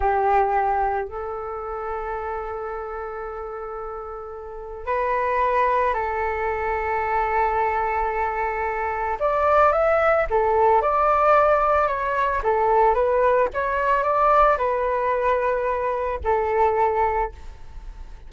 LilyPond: \new Staff \with { instrumentName = "flute" } { \time 4/4 \tempo 4 = 111 g'2 a'2~ | a'1~ | a'4 b'2 a'4~ | a'1~ |
a'4 d''4 e''4 a'4 | d''2 cis''4 a'4 | b'4 cis''4 d''4 b'4~ | b'2 a'2 | }